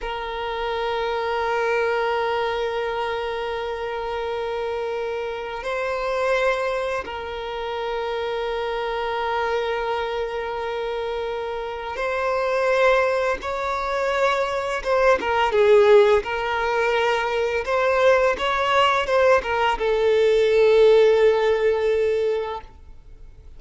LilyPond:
\new Staff \with { instrumentName = "violin" } { \time 4/4 \tempo 4 = 85 ais'1~ | ais'1 | c''2 ais'2~ | ais'1~ |
ais'4 c''2 cis''4~ | cis''4 c''8 ais'8 gis'4 ais'4~ | ais'4 c''4 cis''4 c''8 ais'8 | a'1 | }